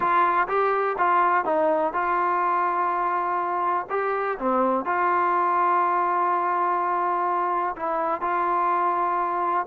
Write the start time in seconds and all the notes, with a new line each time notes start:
0.00 F4
0.48 G4
0.98 F4
1.44 D#4
1.93 F4
3.89 G4
4.38 C4
4.85 F4
7.76 E4
8.21 F4